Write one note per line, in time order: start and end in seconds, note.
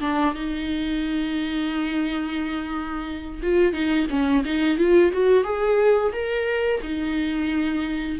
0.00 0.34 D4
0.34 3.41 D#4
3.42 3.73 F4
3.73 4.07 D#4
4.10 4.44 C#4
4.45 4.78 D#4
4.78 5.12 F4
5.12 5.44 F#4
5.44 6.12 G#4
6.12 6.81 A#4
6.82 8.18 D#4